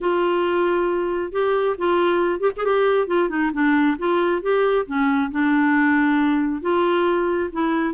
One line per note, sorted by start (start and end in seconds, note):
0.00 1.32 F4
1.32 1.76 G4
1.77 2.39 F4
2.39 2.50 G4
2.56 2.65 G#4
2.65 3.07 G4
3.07 3.29 F4
3.29 3.51 D#4
3.53 3.97 D4
3.98 4.42 F4
4.42 4.86 G4
4.86 5.30 C#4
5.31 6.61 D4
6.61 7.49 F4
7.52 7.94 E4